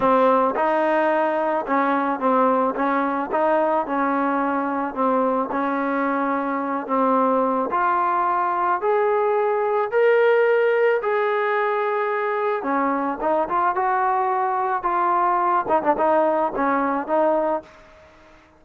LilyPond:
\new Staff \with { instrumentName = "trombone" } { \time 4/4 \tempo 4 = 109 c'4 dis'2 cis'4 | c'4 cis'4 dis'4 cis'4~ | cis'4 c'4 cis'2~ | cis'8 c'4. f'2 |
gis'2 ais'2 | gis'2. cis'4 | dis'8 f'8 fis'2 f'4~ | f'8 dis'16 d'16 dis'4 cis'4 dis'4 | }